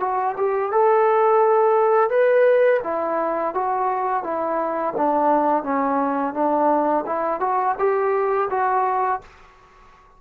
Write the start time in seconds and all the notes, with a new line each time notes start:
0.00 F#4
0.37 G4
0.72 A4
2.10 B4
2.84 E4
3.54 F#4
4.23 E4
4.97 D4
5.63 C#4
6.34 D4
7.06 E4
7.40 F#4
7.79 G4
8.50 F#4